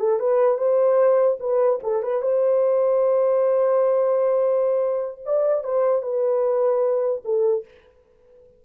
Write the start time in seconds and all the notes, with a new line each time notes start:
0.00 A4
0.20 B4
0.58 C5
1.40 B4
1.83 A4
2.03 B4
2.22 C5
5.26 D5
5.64 C5
6.03 B4
7.25 A4